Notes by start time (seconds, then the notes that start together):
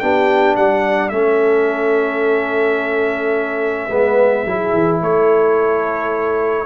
0.00 B3 D4 G4 G5
0.57 G3 D5 F#5
1.09 A3 C#4 A4 E5
3.89 G#3 B3 B4
4.46 F#3 E4 G#4
4.74 E3
5.02 A3 A4 C#5